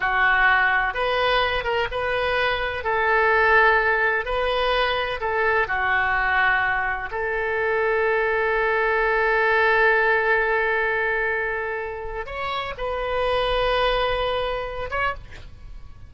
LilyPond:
\new Staff \with { instrumentName = "oboe" } { \time 4/4 \tempo 4 = 127 fis'2 b'4. ais'8 | b'2 a'2~ | a'4 b'2 a'4 | fis'2. a'4~ |
a'1~ | a'1~ | a'2 cis''4 b'4~ | b'2.~ b'8 cis''8 | }